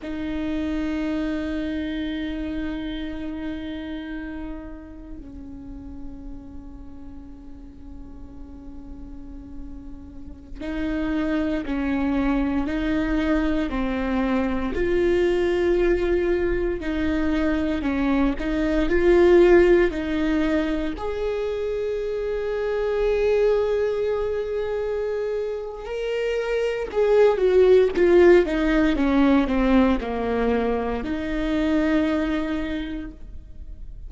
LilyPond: \new Staff \with { instrumentName = "viola" } { \time 4/4 \tempo 4 = 58 dis'1~ | dis'4 cis'2.~ | cis'2~ cis'16 dis'4 cis'8.~ | cis'16 dis'4 c'4 f'4.~ f'16~ |
f'16 dis'4 cis'8 dis'8 f'4 dis'8.~ | dis'16 gis'2.~ gis'8.~ | gis'4 ais'4 gis'8 fis'8 f'8 dis'8 | cis'8 c'8 ais4 dis'2 | }